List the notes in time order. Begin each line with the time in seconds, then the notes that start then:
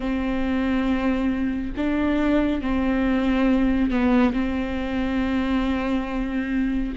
0.00 C4
1.76 D4
2.61 C4
3.90 B3
4.33 C4